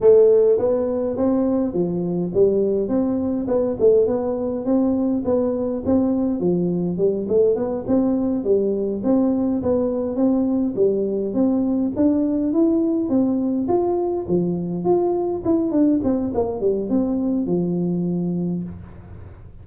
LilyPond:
\new Staff \with { instrumentName = "tuba" } { \time 4/4 \tempo 4 = 103 a4 b4 c'4 f4 | g4 c'4 b8 a8 b4 | c'4 b4 c'4 f4 | g8 a8 b8 c'4 g4 c'8~ |
c'8 b4 c'4 g4 c'8~ | c'8 d'4 e'4 c'4 f'8~ | f'8 f4 f'4 e'8 d'8 c'8 | ais8 g8 c'4 f2 | }